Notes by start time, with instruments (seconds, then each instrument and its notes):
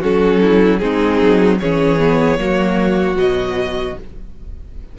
0.00 cello F#3, viola C#4, violin F#4 A4
0.41 violin E4
0.79 cello G#3, viola C4, violin D#4 G#4
1.21 cello F#3
1.59 cello E3, viola C#4, violin G#4 C#5
1.99 viola B3
2.38 cello F#3, viola A#3, violin F#4
3.16 cello B2, viola F#3, violin D#5